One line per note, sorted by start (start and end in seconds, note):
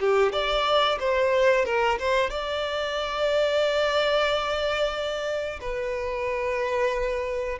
0.00 0.32 G4
0.32 0.98 D5
1.00 1.65 C5
1.65 1.98 A#4
1.99 2.30 C5
2.30 5.60 D5
5.61 7.59 B4